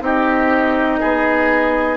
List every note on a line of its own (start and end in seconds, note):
0.00 0.98 C4
0.00 1.97 D#4
0.00 1.00 G4
0.00 1.97 D#5
1.00 1.97 B3
1.00 1.97 G#4